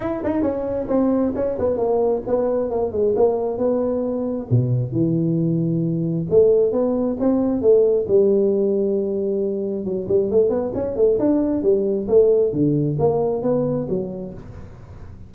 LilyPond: \new Staff \with { instrumentName = "tuba" } { \time 4/4 \tempo 4 = 134 e'8 dis'8 cis'4 c'4 cis'8 b8 | ais4 b4 ais8 gis8 ais4 | b2 b,4 e4~ | e2 a4 b4 |
c'4 a4 g2~ | g2 fis8 g8 a8 b8 | cis'8 a8 d'4 g4 a4 | d4 ais4 b4 fis4 | }